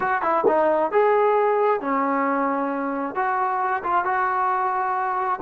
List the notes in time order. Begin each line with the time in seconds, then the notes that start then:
0.00 F#4
0.22 E4
0.47 D#4
0.91 G#4
1.80 C#4
3.15 F#4
3.83 F4
4.04 F#4